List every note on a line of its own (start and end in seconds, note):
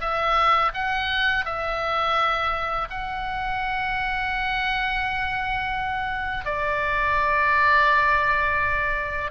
0.00 0.71 E5
0.74 1.45 F#5
1.45 2.88 E5
2.90 6.45 F#5
6.45 9.31 D5